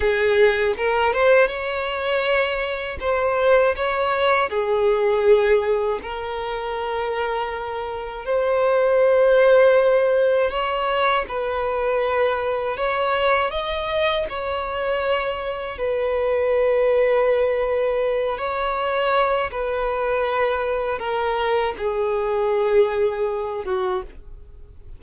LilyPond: \new Staff \with { instrumentName = "violin" } { \time 4/4 \tempo 4 = 80 gis'4 ais'8 c''8 cis''2 | c''4 cis''4 gis'2 | ais'2. c''4~ | c''2 cis''4 b'4~ |
b'4 cis''4 dis''4 cis''4~ | cis''4 b'2.~ | b'8 cis''4. b'2 | ais'4 gis'2~ gis'8 fis'8 | }